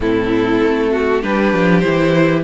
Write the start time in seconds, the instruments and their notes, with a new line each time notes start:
0.00 cello A2, viola C4, violin E4 A4
0.63 cello A3
0.91 violin F#4
1.21 cello G3, viola D4, violin G4 B4
1.53 cello F3
1.79 cello E3, viola E4, violin C5